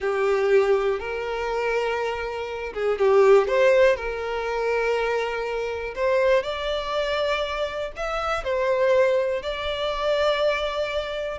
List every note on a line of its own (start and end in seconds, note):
0.00 0.99 G4
0.99 2.73 A#4
2.73 2.98 G#4
2.98 3.47 G4
3.47 3.96 C5
3.96 5.94 A#4
5.95 6.43 C5
6.43 7.92 D5
7.96 8.43 E5
8.43 9.42 C5
9.42 11.38 D5